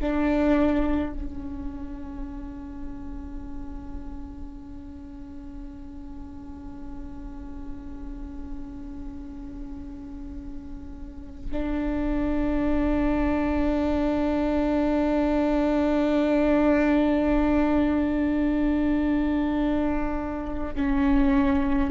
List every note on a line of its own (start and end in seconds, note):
0.00 1.14 D4
1.14 11.52 C#4
11.52 20.75 D4
20.75 21.91 C#4